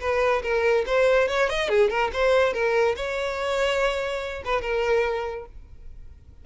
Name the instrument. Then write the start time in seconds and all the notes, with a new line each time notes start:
violin
0.00 B4
0.43 A#4
0.86 C5
1.28 C#5
1.50 D#5
1.69 G#4
1.90 A#4
2.13 C5
2.53 A#4
2.96 C#5
4.45 B4
4.62 A#4